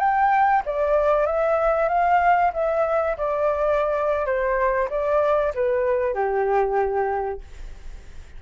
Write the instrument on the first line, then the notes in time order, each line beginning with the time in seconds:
flute
0.00 G5
0.66 D5
1.27 E5
1.89 F5
2.54 E5
3.18 D5
4.26 C5
4.90 D5
5.55 B4
6.15 G4